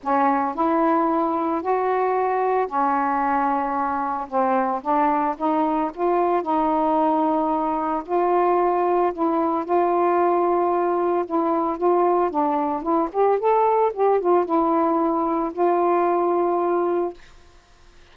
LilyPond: \new Staff \with { instrumentName = "saxophone" } { \time 4/4 \tempo 4 = 112 cis'4 e'2 fis'4~ | fis'4 cis'2. | c'4 d'4 dis'4 f'4 | dis'2. f'4~ |
f'4 e'4 f'2~ | f'4 e'4 f'4 d'4 | e'8 g'8 a'4 g'8 f'8 e'4~ | e'4 f'2. | }